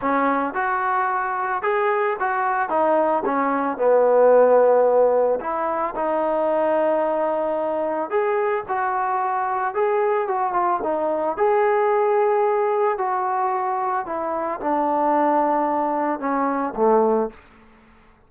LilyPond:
\new Staff \with { instrumentName = "trombone" } { \time 4/4 \tempo 4 = 111 cis'4 fis'2 gis'4 | fis'4 dis'4 cis'4 b4~ | b2 e'4 dis'4~ | dis'2. gis'4 |
fis'2 gis'4 fis'8 f'8 | dis'4 gis'2. | fis'2 e'4 d'4~ | d'2 cis'4 a4 | }